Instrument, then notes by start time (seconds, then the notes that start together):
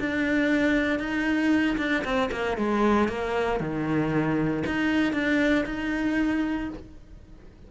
cello
0.00 D4
1.00 D#4
1.78 D4
2.05 C4
2.32 A#3
2.57 G#3
3.09 A#3
3.61 D#3
4.67 D#4
5.13 D4
5.66 D#4